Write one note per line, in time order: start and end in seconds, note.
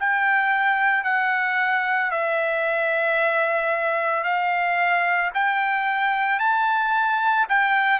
0.00 1.04 G5
1.04 2.11 F#5
2.11 4.24 E5
4.24 5.31 F5
5.35 6.39 G5
6.39 7.47 A5
7.49 8.00 G5